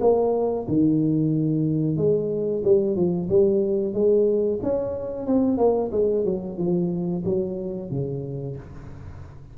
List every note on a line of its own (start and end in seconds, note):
0.00 0.66 A#3
0.68 1.97 D#3
1.97 2.63 G#3
2.64 2.96 G3
2.96 3.28 F3
3.29 3.93 G3
3.93 4.59 G#3
4.62 5.26 C#4
5.26 5.57 C4
5.57 5.90 A#3
5.91 6.24 G#3
6.25 6.58 F#3
6.58 7.23 F3
7.24 7.90 F#3
7.90 8.56 C#3